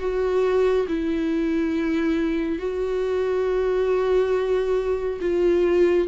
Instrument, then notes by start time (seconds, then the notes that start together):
viola
0.00 F#4
0.89 E4
2.59 F#4
5.21 F4